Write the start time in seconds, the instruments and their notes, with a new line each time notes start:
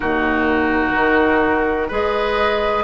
0.00 bassoon D#2, clarinet D#4, oboe F#4, flute A#4
0.94 bassoon D#3
1.87 bassoon G#3, clarinet G#4, oboe B4, flute D#5